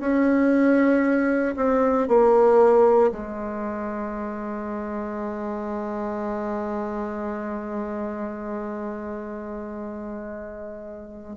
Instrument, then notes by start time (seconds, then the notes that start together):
bassoon
0.00 C#4
1.56 C4
2.08 A#3
3.12 G#3